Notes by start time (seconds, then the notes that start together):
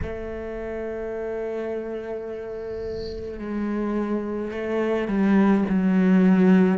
0.02 A3
3.39 G#3
4.51 A3
5.07 G3
5.69 F#3